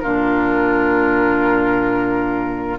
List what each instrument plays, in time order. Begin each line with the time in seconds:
0.00 bassoon A#2, clarinet D4, oboe F4, flute A#4